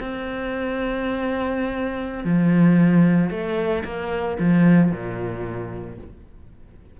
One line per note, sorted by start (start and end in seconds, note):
0.00 2.24 C4
2.24 3.31 F3
3.31 3.84 A3
3.84 4.38 A#3
4.39 4.92 F3
4.92 5.98 A#2